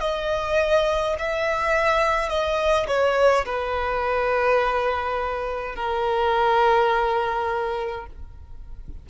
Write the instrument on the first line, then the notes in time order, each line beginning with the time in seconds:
violin
0.00 D#5
1.19 E5
2.29 D#5
2.87 C#5
3.46 B4
5.75 A#4